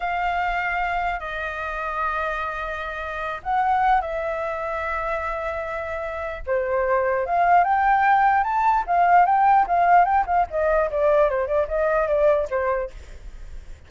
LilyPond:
\new Staff \with { instrumentName = "flute" } { \time 4/4 \tempo 4 = 149 f''2. dis''4~ | dis''1~ | dis''8 fis''4. e''2~ | e''1 |
c''2 f''4 g''4~ | g''4 a''4 f''4 g''4 | f''4 g''8 f''8 dis''4 d''4 | c''8 d''8 dis''4 d''4 c''4 | }